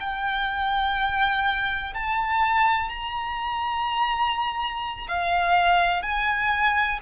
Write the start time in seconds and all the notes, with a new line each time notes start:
0.00 G5
1.94 A5
2.89 A#5
5.08 F5
6.03 G#5